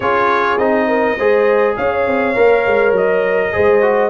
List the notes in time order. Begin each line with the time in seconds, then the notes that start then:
0.00 C#4 F4 G#4 C#5
0.57 C4 D#4 D#5
0.87 A#4
1.17 G#3 G#4 C5
1.76 C#4 C#5 F5
2.06 C4
2.34 A#3 A#4
2.66 G#3
2.92 F#3 D#5
3.52 G#3 G#4 C5
3.81 F#4